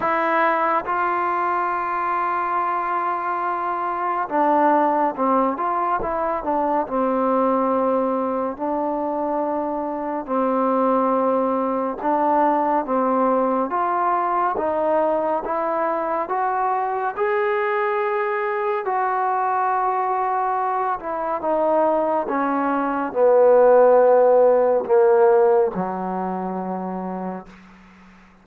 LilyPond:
\new Staff \with { instrumentName = "trombone" } { \time 4/4 \tempo 4 = 70 e'4 f'2.~ | f'4 d'4 c'8 f'8 e'8 d'8 | c'2 d'2 | c'2 d'4 c'4 |
f'4 dis'4 e'4 fis'4 | gis'2 fis'2~ | fis'8 e'8 dis'4 cis'4 b4~ | b4 ais4 fis2 | }